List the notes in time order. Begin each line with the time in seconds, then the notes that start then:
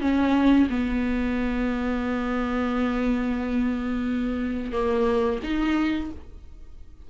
0.00 C#4
0.69 B3
4.72 A#3
5.43 D#4